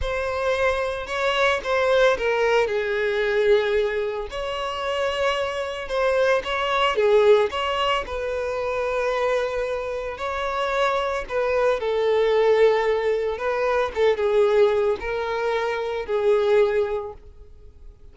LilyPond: \new Staff \with { instrumentName = "violin" } { \time 4/4 \tempo 4 = 112 c''2 cis''4 c''4 | ais'4 gis'2. | cis''2. c''4 | cis''4 gis'4 cis''4 b'4~ |
b'2. cis''4~ | cis''4 b'4 a'2~ | a'4 b'4 a'8 gis'4. | ais'2 gis'2 | }